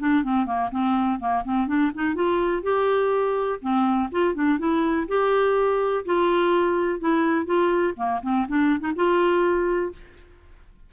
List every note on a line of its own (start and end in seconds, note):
0.00 0.24 D4
0.24 0.46 C4
0.46 0.71 A#3
0.71 1.20 C4
1.20 1.44 A#3
1.45 1.68 C4
1.68 1.92 D4
1.95 2.15 D#4
2.15 2.63 F4
2.63 3.60 G4
3.62 4.10 C4
4.12 4.35 F4
4.35 4.59 D4
4.59 5.07 E4
5.09 6.05 G4
6.06 7.00 F4
7.00 7.46 E4
7.46 7.95 F4
7.97 8.21 A#3
8.23 8.47 C4
8.49 8.81 D4
8.81 8.93 D#4
8.96 9.93 F4